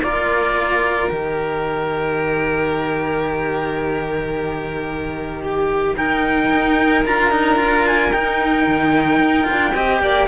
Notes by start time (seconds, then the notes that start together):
0.00 A#3 F4 A#4 D5
1.09 D#3 G4 D#5
5.41 G4
5.97 D#4 A#4 G5
6.50 D#4
7.05 D4 F4 A#5
7.31 D#4
7.55 F4
7.87 G#5
8.12 D#4 G5
8.67 D#3
9.19 D#4
9.43 F4
9.51 D4
9.74 C4 G4 D#5
10.01 A#3 D5